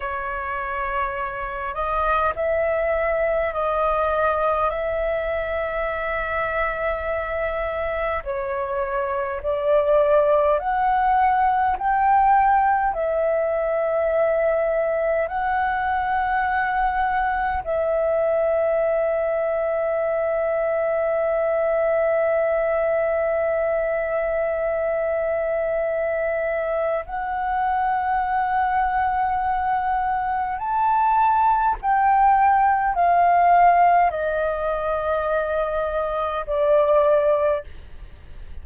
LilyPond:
\new Staff \with { instrumentName = "flute" } { \time 4/4 \tempo 4 = 51 cis''4. dis''8 e''4 dis''4 | e''2. cis''4 | d''4 fis''4 g''4 e''4~ | e''4 fis''2 e''4~ |
e''1~ | e''2. fis''4~ | fis''2 a''4 g''4 | f''4 dis''2 d''4 | }